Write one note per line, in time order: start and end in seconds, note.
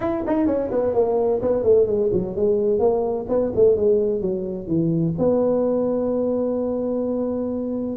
0.00 0.23 E4
0.26 0.46 D#4
0.46 0.70 C#4
0.71 0.94 B3
0.94 1.41 A#3
1.41 1.63 B3
1.63 1.86 A3
1.86 2.10 G#3
2.12 2.35 F#3
2.36 2.79 G#3
2.79 3.26 A#3
3.29 3.52 B3
3.55 3.76 A3
3.76 4.21 G#3
4.21 4.67 F#3
4.67 5.14 E3
5.18 7.96 B3